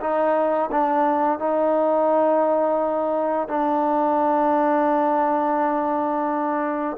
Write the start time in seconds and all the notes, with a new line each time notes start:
0.00 D#4
0.72 D4
1.39 D#4
3.48 D4